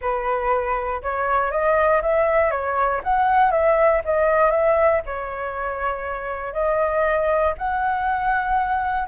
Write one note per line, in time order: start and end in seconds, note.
0.01 1.02 B4
1.02 1.51 C#5
1.51 2.01 D#5
2.02 2.50 E5
2.50 3.01 C#5
3.03 3.51 F#5
3.51 4.01 E5
4.05 4.50 D#5
4.50 5.01 E5
5.06 6.53 C#5
6.53 7.54 D#5
7.57 9.08 F#5